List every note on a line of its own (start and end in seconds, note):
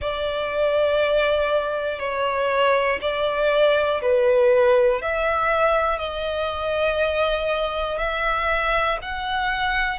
0.00 1.99 D5
1.99 2.99 C#5
3.00 4.00 D5
4.01 5.01 B4
5.01 5.99 E5
5.99 7.98 D#5
7.98 8.98 E5
9.02 9.98 F#5